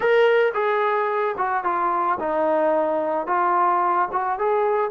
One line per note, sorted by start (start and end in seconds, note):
0.00 0.52 A#4
0.54 1.35 G#4
1.37 1.64 F#4
1.64 2.18 F4
2.19 3.27 D#4
3.27 4.08 F4
4.12 4.38 F#4
4.38 4.90 G#4